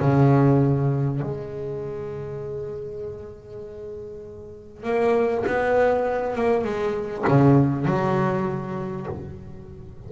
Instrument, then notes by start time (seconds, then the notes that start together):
double bass
0.00 C#3
1.21 G#3
4.83 A#3
5.46 B3
6.35 A#3
6.64 G#3
7.28 C#3
7.85 F#3